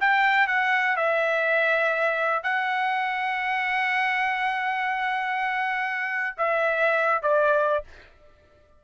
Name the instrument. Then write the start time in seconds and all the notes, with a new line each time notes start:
trumpet
0.00 G5
0.47 F#5
0.96 E5
2.43 F#5
6.37 E5
7.22 D5